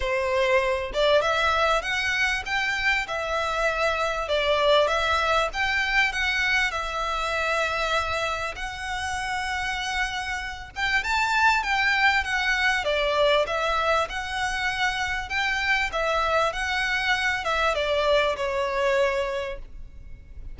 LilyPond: \new Staff \with { instrumentName = "violin" } { \time 4/4 \tempo 4 = 98 c''4. d''8 e''4 fis''4 | g''4 e''2 d''4 | e''4 g''4 fis''4 e''4~ | e''2 fis''2~ |
fis''4. g''8 a''4 g''4 | fis''4 d''4 e''4 fis''4~ | fis''4 g''4 e''4 fis''4~ | fis''8 e''8 d''4 cis''2 | }